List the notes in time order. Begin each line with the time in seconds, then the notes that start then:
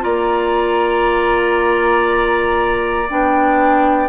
0.00 A#3 F4 D5 A#5
3.10 B3 D4 G5